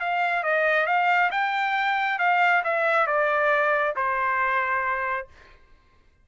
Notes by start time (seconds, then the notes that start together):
0.00 F5
0.43 D#5
0.86 F5
1.31 G5
2.19 F5
2.64 E5
3.07 D5
3.96 C5